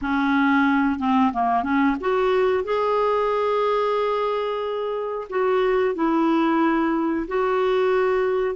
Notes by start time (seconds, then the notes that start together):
0.01 C#4
0.99 C4
1.32 A#3
1.63 C#4
2.00 F#4
2.63 G#4
5.29 F#4
5.95 E4
7.27 F#4